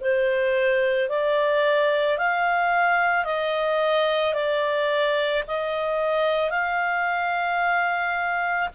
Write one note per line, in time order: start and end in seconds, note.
0.00 1.09 C5
1.09 2.18 D5
2.18 3.24 F5
3.24 4.33 D#5
4.33 5.42 D5
5.47 6.50 D#5
6.50 8.68 F5